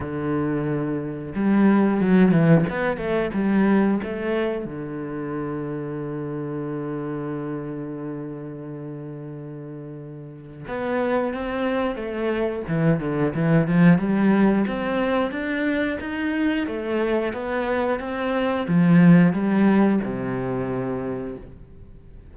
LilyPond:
\new Staff \with { instrumentName = "cello" } { \time 4/4 \tempo 4 = 90 d2 g4 fis8 e8 | b8 a8 g4 a4 d4~ | d1~ | d1 |
b4 c'4 a4 e8 d8 | e8 f8 g4 c'4 d'4 | dis'4 a4 b4 c'4 | f4 g4 c2 | }